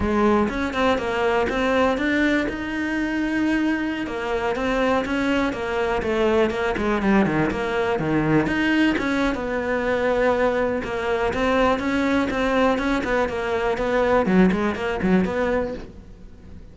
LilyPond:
\new Staff \with { instrumentName = "cello" } { \time 4/4 \tempo 4 = 122 gis4 cis'8 c'8 ais4 c'4 | d'4 dis'2.~ | dis'16 ais4 c'4 cis'4 ais8.~ | ais16 a4 ais8 gis8 g8 dis8 ais8.~ |
ais16 dis4 dis'4 cis'8. b4~ | b2 ais4 c'4 | cis'4 c'4 cis'8 b8 ais4 | b4 fis8 gis8 ais8 fis8 b4 | }